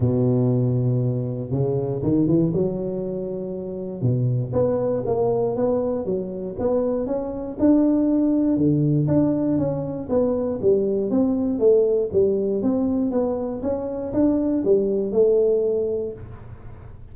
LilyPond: \new Staff \with { instrumentName = "tuba" } { \time 4/4 \tempo 4 = 119 b,2. cis4 | dis8 e8 fis2. | b,4 b4 ais4 b4 | fis4 b4 cis'4 d'4~ |
d'4 d4 d'4 cis'4 | b4 g4 c'4 a4 | g4 c'4 b4 cis'4 | d'4 g4 a2 | }